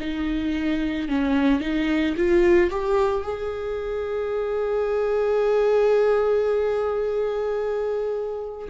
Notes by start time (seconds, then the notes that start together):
0.00 D#4
1.08 C#4
1.61 D#4
2.17 F4
2.70 G4
3.23 G#4